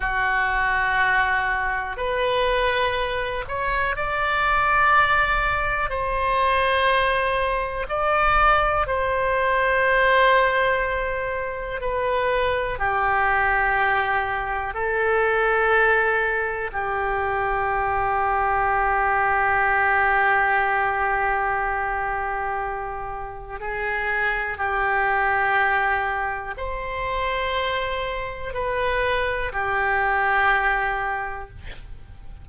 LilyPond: \new Staff \with { instrumentName = "oboe" } { \time 4/4 \tempo 4 = 61 fis'2 b'4. cis''8 | d''2 c''2 | d''4 c''2. | b'4 g'2 a'4~ |
a'4 g'2.~ | g'1 | gis'4 g'2 c''4~ | c''4 b'4 g'2 | }